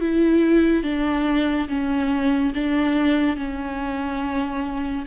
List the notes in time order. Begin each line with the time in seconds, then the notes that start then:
0.00 E4
0.83 D4
1.68 C#4
2.54 D4
3.36 C#4